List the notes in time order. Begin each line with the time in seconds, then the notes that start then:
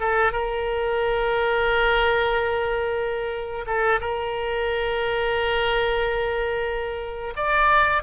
0.00 A4
0.33 A#4
3.67 A4
4.01 A#4
7.36 D5